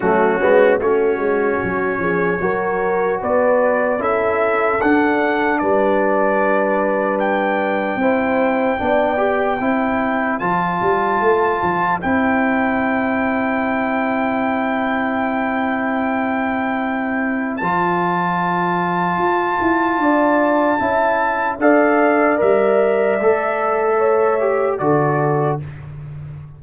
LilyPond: <<
  \new Staff \with { instrumentName = "trumpet" } { \time 4/4 \tempo 4 = 75 fis'4 cis''2. | d''4 e''4 fis''4 d''4~ | d''4 g''2.~ | g''4 a''2 g''4~ |
g''1~ | g''2 a''2~ | a''2. f''4 | e''2. d''4 | }
  \new Staff \with { instrumentName = "horn" } { \time 4/4 cis'4 fis'4. gis'8 ais'4 | b'4 a'2 b'4~ | b'2 c''4 d''4 | c''1~ |
c''1~ | c''1~ | c''4 d''4 e''4 d''4~ | d''2 cis''4 a'4 | }
  \new Staff \with { instrumentName = "trombone" } { \time 4/4 a8 b8 cis'2 fis'4~ | fis'4 e'4 d'2~ | d'2 e'4 d'8 g'8 | e'4 f'2 e'4~ |
e'1~ | e'2 f'2~ | f'2 e'4 a'4 | ais'4 a'4. g'8 fis'4 | }
  \new Staff \with { instrumentName = "tuba" } { \time 4/4 fis8 gis8 a8 gis8 fis8 f8 fis4 | b4 cis'4 d'4 g4~ | g2 c'4 b4 | c'4 f8 g8 a8 f8 c'4~ |
c'1~ | c'2 f2 | f'8 e'8 d'4 cis'4 d'4 | g4 a2 d4 | }
>>